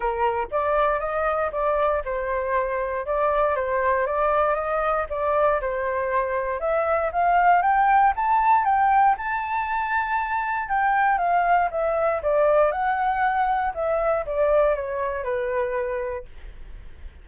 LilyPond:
\new Staff \with { instrumentName = "flute" } { \time 4/4 \tempo 4 = 118 ais'4 d''4 dis''4 d''4 | c''2 d''4 c''4 | d''4 dis''4 d''4 c''4~ | c''4 e''4 f''4 g''4 |
a''4 g''4 a''2~ | a''4 g''4 f''4 e''4 | d''4 fis''2 e''4 | d''4 cis''4 b'2 | }